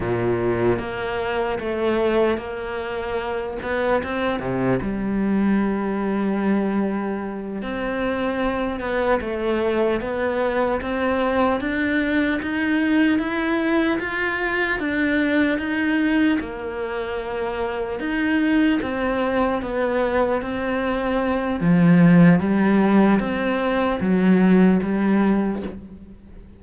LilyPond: \new Staff \with { instrumentName = "cello" } { \time 4/4 \tempo 4 = 75 ais,4 ais4 a4 ais4~ | ais8 b8 c'8 c8 g2~ | g4. c'4. b8 a8~ | a8 b4 c'4 d'4 dis'8~ |
dis'8 e'4 f'4 d'4 dis'8~ | dis'8 ais2 dis'4 c'8~ | c'8 b4 c'4. f4 | g4 c'4 fis4 g4 | }